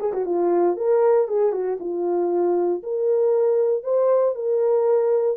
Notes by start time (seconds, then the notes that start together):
0.00 G#4
0.13 F#4
0.26 F4
0.77 A#4
1.28 G#4
1.52 F#4
1.80 F4
2.83 A#4
3.84 C5
4.35 A#4